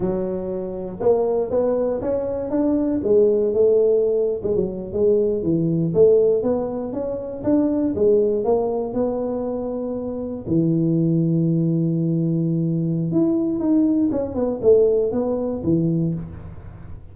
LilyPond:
\new Staff \with { instrumentName = "tuba" } { \time 4/4 \tempo 4 = 119 fis2 ais4 b4 | cis'4 d'4 gis4 a4~ | a8. gis16 fis8. gis4 e4 a16~ | a8. b4 cis'4 d'4 gis16~ |
gis8. ais4 b2~ b16~ | b8. e2.~ e16~ | e2 e'4 dis'4 | cis'8 b8 a4 b4 e4 | }